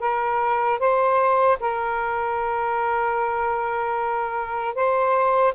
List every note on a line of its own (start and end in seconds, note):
0.00 0.79 A#4
0.79 1.58 C5
1.60 4.75 A#4
4.75 5.54 C5